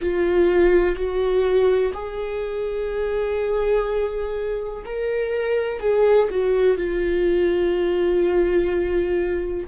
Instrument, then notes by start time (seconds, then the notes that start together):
viola
0.01 F4
0.95 F#4
1.94 G#4
4.84 A#4
5.79 G#4
6.30 F#4
6.77 F4